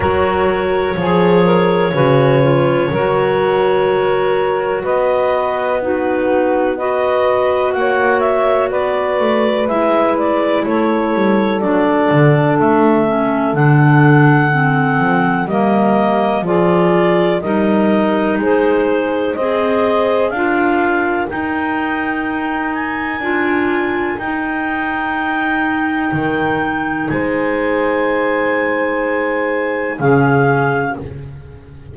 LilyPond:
<<
  \new Staff \with { instrumentName = "clarinet" } { \time 4/4 \tempo 4 = 62 cis''1~ | cis''4 dis''4 b'4 dis''4 | fis''8 e''8 d''4 e''8 d''8 cis''4 | d''4 e''4 fis''2 |
dis''4 d''4 dis''4 c''4 | dis''4 f''4 g''4. gis''8~ | gis''4 g''2. | gis''2. f''4 | }
  \new Staff \with { instrumentName = "saxophone" } { \time 4/4 ais'4 gis'8 ais'8 b'4 ais'4~ | ais'4 b'4 fis'4 b'4 | cis''4 b'2 a'4~ | a'1 |
ais'4 gis'4 ais'4 gis'4 | c''4 ais'2.~ | ais'1 | c''2. gis'4 | }
  \new Staff \with { instrumentName = "clarinet" } { \time 4/4 fis'4 gis'4 fis'8 f'8 fis'4~ | fis'2 dis'4 fis'4~ | fis'2 e'2 | d'4. cis'8 d'4 c'4 |
ais4 f'4 dis'2 | gis'4 f'4 dis'2 | f'4 dis'2.~ | dis'2. cis'4 | }
  \new Staff \with { instrumentName = "double bass" } { \time 4/4 fis4 f4 cis4 fis4~ | fis4 b2. | ais4 b8 a8 gis4 a8 g8 | fis8 d8 a4 d4. f8 |
g4 f4 g4 gis4 | c'4 d'4 dis'2 | d'4 dis'2 dis4 | gis2. cis4 | }
>>